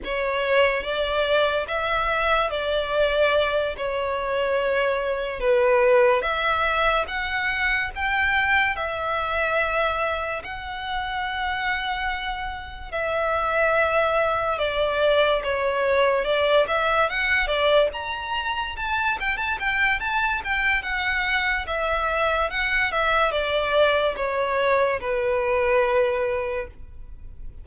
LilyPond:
\new Staff \with { instrumentName = "violin" } { \time 4/4 \tempo 4 = 72 cis''4 d''4 e''4 d''4~ | d''8 cis''2 b'4 e''8~ | e''8 fis''4 g''4 e''4.~ | e''8 fis''2. e''8~ |
e''4. d''4 cis''4 d''8 | e''8 fis''8 d''8 ais''4 a''8 g''16 a''16 g''8 | a''8 g''8 fis''4 e''4 fis''8 e''8 | d''4 cis''4 b'2 | }